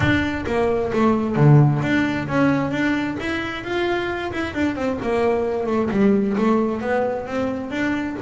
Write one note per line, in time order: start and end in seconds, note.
0.00 0.44 D4
0.46 0.91 A#3
0.93 1.36 A3
1.36 1.81 D3
1.82 2.27 D4
2.27 2.71 C#4
2.71 3.16 D4
3.19 3.64 E4
3.64 4.32 F4
4.32 4.54 E4
4.54 4.75 D4
4.75 4.98 C4
5.02 5.67 A#3
5.67 5.89 A3
5.90 6.36 G3
6.37 6.81 A3
6.81 7.26 B3
7.26 7.70 C4
7.70 8.16 D4